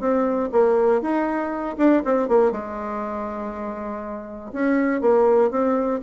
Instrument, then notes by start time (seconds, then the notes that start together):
bassoon
0.00 C4
0.52 A#3
1.02 D#4
1.78 D4
2.05 C4
2.28 A#3
2.52 G#3
4.53 C#4
5.01 A#3
5.51 C4